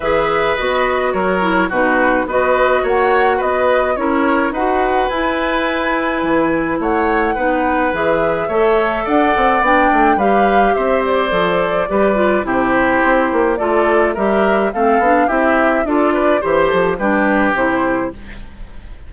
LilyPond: <<
  \new Staff \with { instrumentName = "flute" } { \time 4/4 \tempo 4 = 106 e''4 dis''4 cis''4 b'4 | dis''4 fis''4 dis''4 cis''4 | fis''4 gis''2. | fis''2 e''2 |
fis''4 g''4 f''4 e''8 d''8~ | d''2 c''2 | d''4 e''4 f''4 e''4 | d''4 c''8 a'8 b'4 c''4 | }
  \new Staff \with { instrumentName = "oboe" } { \time 4/4 b'2 ais'4 fis'4 | b'4 cis''4 b'4 ais'4 | b'1 | cis''4 b'2 cis''4 |
d''2 b'4 c''4~ | c''4 b'4 g'2 | a'4 ais'4 a'4 g'4 | a'8 b'8 c''4 g'2 | }
  \new Staff \with { instrumentName = "clarinet" } { \time 4/4 gis'4 fis'4. e'8 dis'4 | fis'2. e'4 | fis'4 e'2.~ | e'4 dis'4 gis'4 a'4~ |
a'4 d'4 g'2 | a'4 g'8 f'8 e'2 | f'4 g'4 c'8 d'8 e'4 | f'4 g'4 d'4 e'4 | }
  \new Staff \with { instrumentName = "bassoon" } { \time 4/4 e4 b4 fis4 b,4 | b4 ais4 b4 cis'4 | dis'4 e'2 e4 | a4 b4 e4 a4 |
d'8 c'8 b8 a8 g4 c'4 | f4 g4 c4 c'8 ais8 | a4 g4 a8 b8 c'4 | d'4 e8 f8 g4 c4 | }
>>